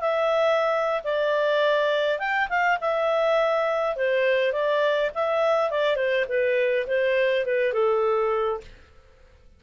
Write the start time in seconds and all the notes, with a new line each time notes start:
0.00 E5
1.04 D5
2.18 G5
2.49 F5
2.80 E5
3.96 C5
4.52 D5
5.14 E5
5.70 D5
5.96 C5
6.28 B4
6.87 C5
7.45 B4
7.73 A4